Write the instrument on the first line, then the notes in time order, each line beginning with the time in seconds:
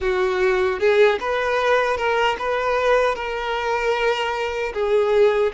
violin
0.00 F#4
0.79 G#4
1.20 B4
1.97 A#4
2.39 B4
3.15 A#4
4.73 G#4